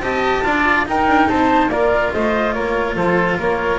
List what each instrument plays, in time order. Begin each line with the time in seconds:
0.00 double bass C4, cello G4, oboe D#5, flute A5
0.44 double bass D4, cello F4, oboe D5
0.86 cello D#4, double bass D#4, oboe A#4, flute G5
1.07 double bass D4
1.29 double bass C4, oboe C5, flute A5
1.68 double bass A#3, cello F4, oboe A#4, flute D5
2.12 double bass A3, oboe C5, flute D#5
2.53 double bass A#3, oboe A#4, flute C#5
2.96 double bass F3, oboe A4, flute C5
3.39 double bass A#3, oboe A#4, flute C#5